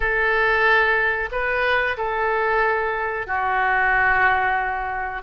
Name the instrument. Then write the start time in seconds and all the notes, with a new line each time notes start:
oboe
0.00 A4
1.31 B4
1.97 A4
3.26 F#4